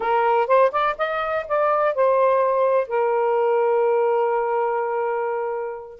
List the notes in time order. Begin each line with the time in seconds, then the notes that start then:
0.00 A#4
0.47 C5
0.71 D5
0.98 D#5
1.47 D5
1.94 C5
2.87 A#4